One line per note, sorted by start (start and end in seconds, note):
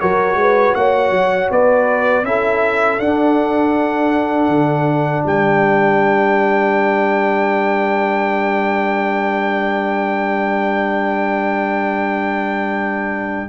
0.00 0.34 F#3
0.00 2.25 F#4
0.00 0.38 A#4
0.00 0.75 C#5
0.34 0.72 G#3
0.34 0.77 B4
0.75 1.11 A#3
0.75 1.51 C#5
0.75 1.50 F#5
1.11 1.48 F#3
1.51 2.23 B3
1.51 2.26 B4
1.51 2.25 D5
2.23 2.98 C#4
2.23 3.00 E4
2.23 5.27 A4
2.23 2.99 E5
2.99 4.48 D4
2.99 13.49 D4
2.99 5.24 F#5
4.48 5.23 D3
5.26 13.49 G3
5.26 13.49 A#4
5.26 13.49 G5